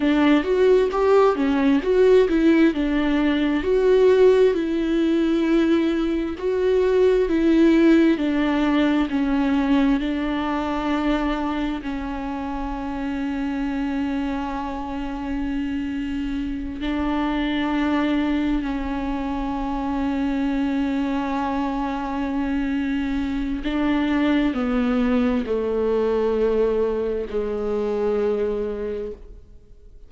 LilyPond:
\new Staff \with { instrumentName = "viola" } { \time 4/4 \tempo 4 = 66 d'8 fis'8 g'8 cis'8 fis'8 e'8 d'4 | fis'4 e'2 fis'4 | e'4 d'4 cis'4 d'4~ | d'4 cis'2.~ |
cis'2~ cis'8 d'4.~ | d'8 cis'2.~ cis'8~ | cis'2 d'4 b4 | a2 gis2 | }